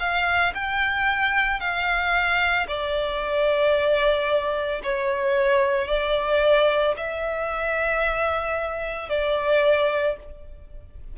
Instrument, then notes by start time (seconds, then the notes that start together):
violin
0.00 F5
0.55 G5
1.60 F5
2.68 D5
4.84 C#5
5.88 D5
6.97 E5
9.10 D5